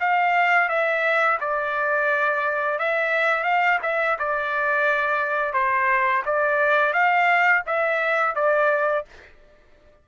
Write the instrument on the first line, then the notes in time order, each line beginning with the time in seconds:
trumpet
0.00 F5
0.69 E5
1.40 D5
2.79 E5
3.44 F5
3.83 E5
4.19 D5
5.53 C5
6.26 D5
6.93 F5
7.66 E5
8.35 D5